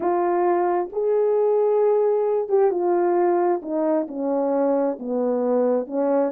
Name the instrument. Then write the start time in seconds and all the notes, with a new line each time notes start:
horn
0.00 F4
0.92 G#4
2.49 G4
2.70 F4
3.62 D#4
4.08 C#4
4.99 B3
5.86 C#4